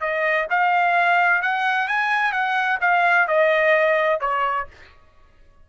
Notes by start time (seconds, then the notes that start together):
0.00 D#5
0.49 F5
1.42 F#5
1.88 G#5
2.32 F#5
2.81 F5
3.27 D#5
4.20 C#5